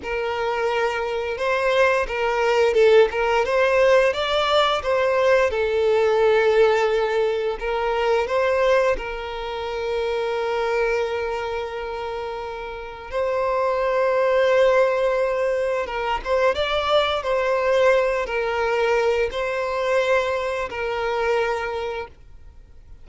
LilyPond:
\new Staff \with { instrumentName = "violin" } { \time 4/4 \tempo 4 = 87 ais'2 c''4 ais'4 | a'8 ais'8 c''4 d''4 c''4 | a'2. ais'4 | c''4 ais'2.~ |
ais'2. c''4~ | c''2. ais'8 c''8 | d''4 c''4. ais'4. | c''2 ais'2 | }